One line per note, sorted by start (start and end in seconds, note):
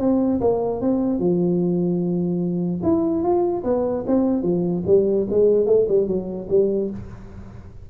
0.00 0.41 C4
0.41 0.81 A#3
0.81 1.19 C4
1.19 2.81 F3
2.83 3.23 E4
3.23 3.64 F4
3.64 4.05 B3
4.07 4.43 C4
4.43 4.83 F3
4.87 5.27 G3
5.31 5.66 G#3
5.66 5.87 A3
5.88 6.08 G3
6.08 6.48 F#3
6.50 6.90 G3